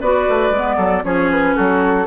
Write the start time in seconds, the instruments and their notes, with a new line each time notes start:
0.00 bassoon B3, clarinet F#4, oboe B4, flute D5
0.29 bassoon A3
0.50 bassoon G#3, clarinet B3
0.76 bassoon F#3, oboe A4
1.03 bassoon F3, clarinet C#4, oboe G#4, flute C#5
1.31 flute B4
1.55 bassoon F#3, oboe F#4, flute A4